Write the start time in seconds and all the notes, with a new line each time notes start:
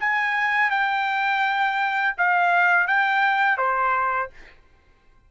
0.00 G#5
0.71 G5
2.18 F5
2.87 G5
3.58 C5